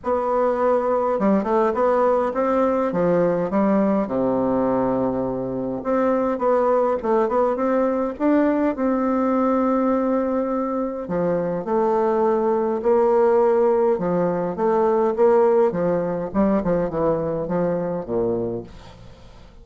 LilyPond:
\new Staff \with { instrumentName = "bassoon" } { \time 4/4 \tempo 4 = 103 b2 g8 a8 b4 | c'4 f4 g4 c4~ | c2 c'4 b4 | a8 b8 c'4 d'4 c'4~ |
c'2. f4 | a2 ais2 | f4 a4 ais4 f4 | g8 f8 e4 f4 ais,4 | }